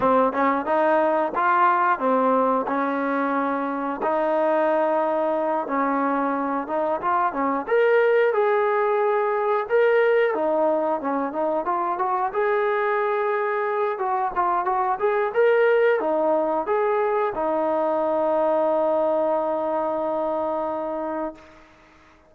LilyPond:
\new Staff \with { instrumentName = "trombone" } { \time 4/4 \tempo 4 = 90 c'8 cis'8 dis'4 f'4 c'4 | cis'2 dis'2~ | dis'8 cis'4. dis'8 f'8 cis'8 ais'8~ | ais'8 gis'2 ais'4 dis'8~ |
dis'8 cis'8 dis'8 f'8 fis'8 gis'4.~ | gis'4 fis'8 f'8 fis'8 gis'8 ais'4 | dis'4 gis'4 dis'2~ | dis'1 | }